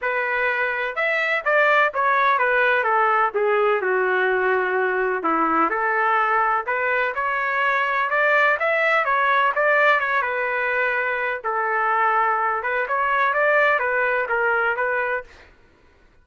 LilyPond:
\new Staff \with { instrumentName = "trumpet" } { \time 4/4 \tempo 4 = 126 b'2 e''4 d''4 | cis''4 b'4 a'4 gis'4 | fis'2. e'4 | a'2 b'4 cis''4~ |
cis''4 d''4 e''4 cis''4 | d''4 cis''8 b'2~ b'8 | a'2~ a'8 b'8 cis''4 | d''4 b'4 ais'4 b'4 | }